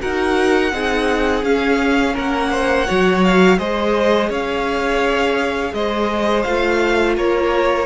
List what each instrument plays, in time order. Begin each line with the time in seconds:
0.00 cello D#4, viola F#4, violin A#4 F#5
0.72 cello C4, viola D#4, violin G#4
1.43 cello C#4, viola C#4, violin F5
2.14 cello A#3, violin A#4 F#5
2.50 violin C5
2.86 cello F#3, viola F#4, violin C#5
3.24 violin F5
3.58 cello G#3, viola G#4, violin C5 D#5
4.29 cello C#4, violin C#5 F5
5.73 cello G#3, violin C5 D#5
6.43 cello A3, viola F4, violin F5
7.16 cello A#3, violin A#4 C#5